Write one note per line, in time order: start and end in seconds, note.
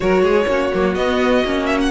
0.00 0.22 F#3
0.00 0.45 F#4
0.00 0.22 A#4
0.00 0.94 C#5
0.22 0.46 G#3
0.22 0.46 G#4
0.47 0.71 A#3
0.47 0.71 C#4
0.47 1.91 F#4
0.73 0.95 F#3
0.73 0.95 A#3
0.94 1.43 B3
0.94 1.66 D#5
1.44 1.91 A#3
1.44 1.91 C#4
1.66 1.78 E5
1.80 1.91 F#5